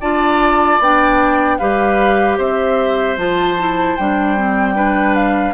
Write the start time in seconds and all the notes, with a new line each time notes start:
0.00 D4 F4 D5 A5
0.79 B3 D4 G5
1.58 G3 G4 B4 F5
2.37 C4 C5 E5
3.17 F3 F4 A5
3.59 E4
3.96 G3 D4 G5
4.37 C4
4.75 D4 B4
5.15 F5